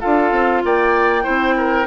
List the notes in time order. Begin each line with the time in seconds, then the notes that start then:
0.00 D4 F4 A4 F5
0.32 C4
0.64 A#3 D5 G5
1.23 C4 E4 C5
1.57 A#4